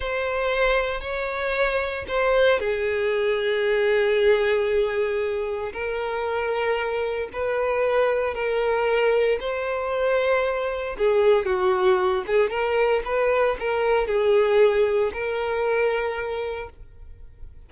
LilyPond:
\new Staff \with { instrumentName = "violin" } { \time 4/4 \tempo 4 = 115 c''2 cis''2 | c''4 gis'2.~ | gis'2. ais'4~ | ais'2 b'2 |
ais'2 c''2~ | c''4 gis'4 fis'4. gis'8 | ais'4 b'4 ais'4 gis'4~ | gis'4 ais'2. | }